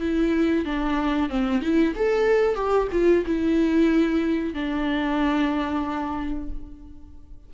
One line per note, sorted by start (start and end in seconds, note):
0.00 0.65 E4
0.65 1.30 D4
1.30 1.62 C4
1.62 1.94 E4
1.96 2.55 A4
2.55 2.88 G4
2.92 3.25 F4
3.26 4.54 E4
4.54 6.50 D4